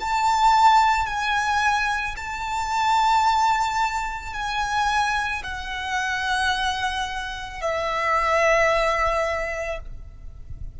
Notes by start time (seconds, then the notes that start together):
0.00 A5
1.06 G#5
2.17 A5
4.33 G#5
5.43 F#5
7.61 E5